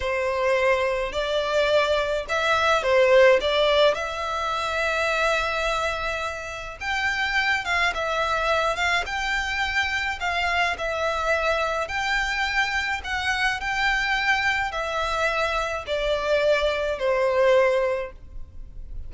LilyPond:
\new Staff \with { instrumentName = "violin" } { \time 4/4 \tempo 4 = 106 c''2 d''2 | e''4 c''4 d''4 e''4~ | e''1 | g''4. f''8 e''4. f''8 |
g''2 f''4 e''4~ | e''4 g''2 fis''4 | g''2 e''2 | d''2 c''2 | }